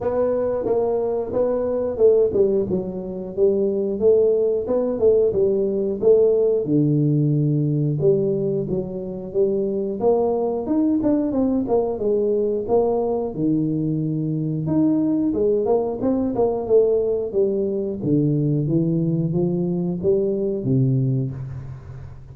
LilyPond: \new Staff \with { instrumentName = "tuba" } { \time 4/4 \tempo 4 = 90 b4 ais4 b4 a8 g8 | fis4 g4 a4 b8 a8 | g4 a4 d2 | g4 fis4 g4 ais4 |
dis'8 d'8 c'8 ais8 gis4 ais4 | dis2 dis'4 gis8 ais8 | c'8 ais8 a4 g4 d4 | e4 f4 g4 c4 | }